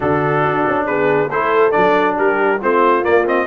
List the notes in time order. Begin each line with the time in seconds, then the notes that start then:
0.00 D3 D4 F#4 A4
0.43 D4
0.67 C#4
0.86 B3 G#4 B4
1.29 A3 E4 A4 C5
1.71 F#3 D4 D5
2.17 G3 G4 A#4
2.60 A3 C4 F4 C5
3.03 A#3 D5
3.26 C4 D#5